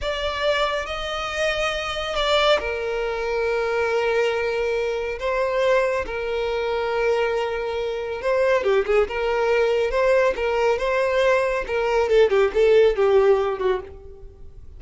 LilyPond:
\new Staff \with { instrumentName = "violin" } { \time 4/4 \tempo 4 = 139 d''2 dis''2~ | dis''4 d''4 ais'2~ | ais'1 | c''2 ais'2~ |
ais'2. c''4 | g'8 gis'8 ais'2 c''4 | ais'4 c''2 ais'4 | a'8 g'8 a'4 g'4. fis'8 | }